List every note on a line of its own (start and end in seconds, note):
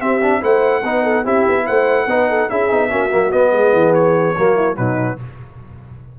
0.00 0.21 C4
0.00 0.42 C4
0.00 0.42 G4
0.00 0.43 E5
0.23 0.41 D4
0.41 0.84 A3
0.41 0.83 E4
0.41 0.83 C5
0.41 1.27 F#5
0.84 1.25 B3
0.84 1.25 D#4
0.84 1.03 B4
1.03 1.24 A4
1.24 1.46 C4
1.24 2.08 E4
1.24 1.66 G4
1.24 1.67 E5
1.49 1.69 B3
1.66 2.07 A3
1.66 2.08 C5
1.66 2.50 F#5
2.07 2.48 B3
2.07 2.51 D#4
2.07 2.30 B4
2.30 2.50 A4
2.50 2.71 C#4
2.50 2.70 E4
2.50 2.90 G#4
2.50 3.32 E5
2.70 2.92 B3
2.70 2.90 D#4
2.90 3.13 A#3
2.90 3.10 C#4
2.90 3.52 F#4
3.11 3.33 F#3
3.11 3.32 A#3
3.32 4.36 B3
3.32 3.52 B3
3.32 3.94 D#5
3.52 3.73 G#3
3.52 4.38 G#4
3.73 4.35 E3
3.94 4.77 C#5
4.38 4.78 F#3
4.38 4.76 A#3
4.38 4.56 F#4
4.56 4.77 E4
4.76 5.20 B2
4.76 5.17 F#3
4.76 5.19 D#4
4.76 5.18 B4